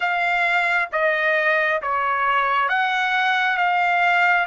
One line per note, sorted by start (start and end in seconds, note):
0.00 0.88 F5
0.92 1.82 D#5
1.82 2.69 C#5
2.69 3.57 F#5
3.57 4.47 F5